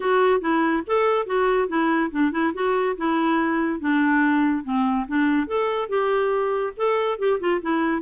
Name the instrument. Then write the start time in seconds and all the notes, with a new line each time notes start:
clarinet
0.00 F#4
0.40 E4
0.86 A4
1.26 F#4
1.68 E4
2.11 D4
2.31 E4
2.54 F#4
2.97 E4
3.80 D4
4.64 C4
5.07 D4
5.47 A4
5.88 G4
6.76 A4
7.18 G4
7.40 F4
7.61 E4